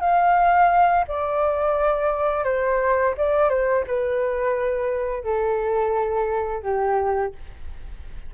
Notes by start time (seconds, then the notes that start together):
0.00 F5
1.08 D5
2.44 C5
3.17 D5
3.49 C5
3.87 B4
5.24 A4
6.62 G4